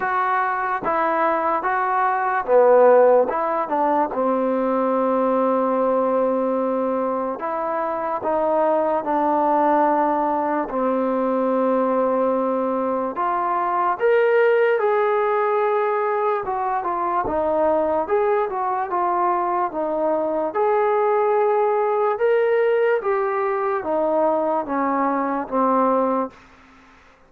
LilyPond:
\new Staff \with { instrumentName = "trombone" } { \time 4/4 \tempo 4 = 73 fis'4 e'4 fis'4 b4 | e'8 d'8 c'2.~ | c'4 e'4 dis'4 d'4~ | d'4 c'2. |
f'4 ais'4 gis'2 | fis'8 f'8 dis'4 gis'8 fis'8 f'4 | dis'4 gis'2 ais'4 | g'4 dis'4 cis'4 c'4 | }